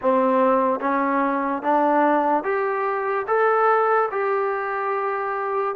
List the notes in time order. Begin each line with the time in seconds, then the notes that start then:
0.01 C4
0.80 C#4
1.62 D4
2.43 G4
3.27 A4
4.11 G4